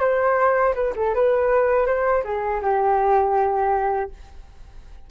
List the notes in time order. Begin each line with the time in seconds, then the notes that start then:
0.00 C5
0.74 B4
0.96 A4
1.14 B4
1.86 C5
2.24 G#4
2.62 G4